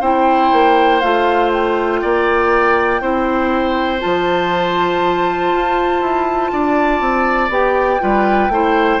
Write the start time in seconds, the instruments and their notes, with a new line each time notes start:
0.00 bassoon C4, clarinet E4, oboe C5, flute G5
0.52 bassoon A#3
1.01 bassoon A3, clarinet F4, flute F5
1.52 flute G5
2.01 bassoon A#3, oboe D5
3.00 bassoon C4, clarinet E4, oboe C5
3.99 bassoon F3, clarinet F4, flute A5
5.52 bassoon F4
6.01 bassoon E4
6.52 bassoon D4, oboe D5
7.00 bassoon C4
7.49 bassoon B3, clarinet G4, flute G5
7.99 bassoon G3, clarinet F4, oboe B4
8.49 bassoon A3, clarinet E4, oboe C5